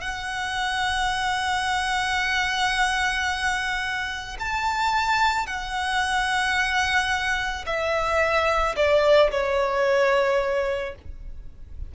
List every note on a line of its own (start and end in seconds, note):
0.00 4.36 F#5
4.39 5.46 A5
5.46 7.65 F#5
7.66 8.75 E5
8.76 9.30 D5
9.31 10.94 C#5